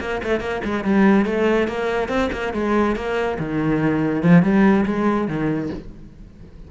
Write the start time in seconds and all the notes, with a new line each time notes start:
0.00 A#3
0.23 A3
0.40 A#3
0.64 G#3
0.84 G3
1.25 A3
1.68 A#3
2.08 C4
2.32 A#3
2.53 G#3
2.95 A#3
3.39 D#3
4.22 F3
4.43 G3
4.86 G#3
5.27 D#3